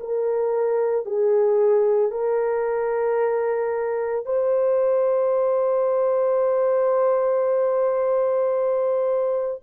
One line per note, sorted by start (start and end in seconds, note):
0.00 1.06 A#4
1.06 2.11 G#4
2.11 4.26 A#4
4.26 9.61 C5